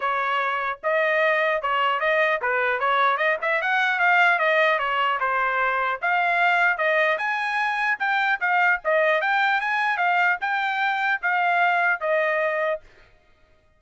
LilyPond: \new Staff \with { instrumentName = "trumpet" } { \time 4/4 \tempo 4 = 150 cis''2 dis''2 | cis''4 dis''4 b'4 cis''4 | dis''8 e''8 fis''4 f''4 dis''4 | cis''4 c''2 f''4~ |
f''4 dis''4 gis''2 | g''4 f''4 dis''4 g''4 | gis''4 f''4 g''2 | f''2 dis''2 | }